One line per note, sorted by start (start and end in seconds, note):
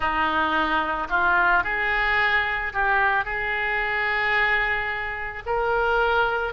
0.00 1.07 D#4
1.09 1.63 F4
1.63 2.72 G#4
2.73 3.24 G4
3.24 5.42 G#4
5.45 6.53 A#4